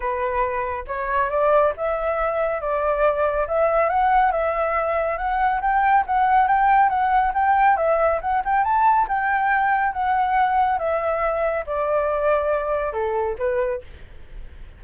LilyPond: \new Staff \with { instrumentName = "flute" } { \time 4/4 \tempo 4 = 139 b'2 cis''4 d''4 | e''2 d''2 | e''4 fis''4 e''2 | fis''4 g''4 fis''4 g''4 |
fis''4 g''4 e''4 fis''8 g''8 | a''4 g''2 fis''4~ | fis''4 e''2 d''4~ | d''2 a'4 b'4 | }